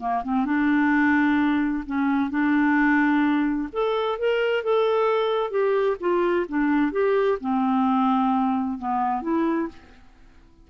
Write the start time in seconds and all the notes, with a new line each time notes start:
0.00 A#3
0.24 C4
0.46 D4
1.86 C#4
2.30 D4
3.73 A4
4.19 A#4
4.63 A4
5.51 G4
6.00 F4
6.49 D4
6.92 G4
7.41 C4
8.79 B3
9.22 E4